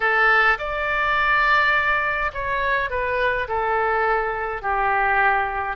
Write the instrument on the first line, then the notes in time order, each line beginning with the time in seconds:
oboe
0.00 A4
0.58 D5
2.33 C#5
2.90 B4
3.47 A4
4.62 G4